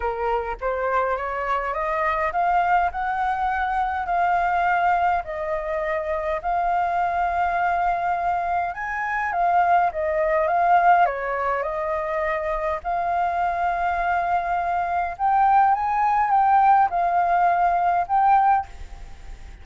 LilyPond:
\new Staff \with { instrumentName = "flute" } { \time 4/4 \tempo 4 = 103 ais'4 c''4 cis''4 dis''4 | f''4 fis''2 f''4~ | f''4 dis''2 f''4~ | f''2. gis''4 |
f''4 dis''4 f''4 cis''4 | dis''2 f''2~ | f''2 g''4 gis''4 | g''4 f''2 g''4 | }